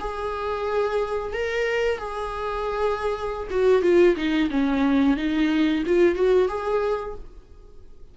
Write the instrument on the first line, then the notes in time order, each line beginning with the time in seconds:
viola
0.00 G#4
1.33 A#4
1.98 G#4
3.51 F#4
3.82 F4
4.16 D#4
4.51 C#4
5.17 D#4
5.86 F4
6.15 F#4
6.48 G#4